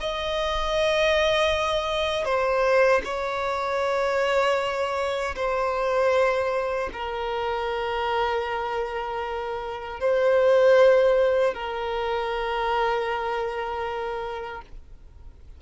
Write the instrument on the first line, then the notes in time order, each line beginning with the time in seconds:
violin
0.00 D#5
2.24 C5
3.04 C#5
5.36 C5
6.93 A#4
10.00 C5
11.54 A#4